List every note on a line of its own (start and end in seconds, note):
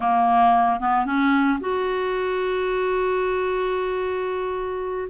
0.00 0.80 A#3
0.80 1.05 B3
1.05 1.59 C#4
1.60 5.08 F#4